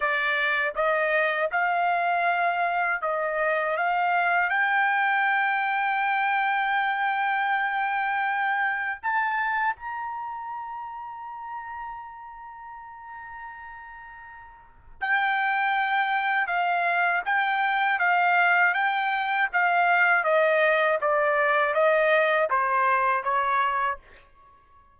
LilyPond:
\new Staff \with { instrumentName = "trumpet" } { \time 4/4 \tempo 4 = 80 d''4 dis''4 f''2 | dis''4 f''4 g''2~ | g''1 | a''4 ais''2.~ |
ais''1 | g''2 f''4 g''4 | f''4 g''4 f''4 dis''4 | d''4 dis''4 c''4 cis''4 | }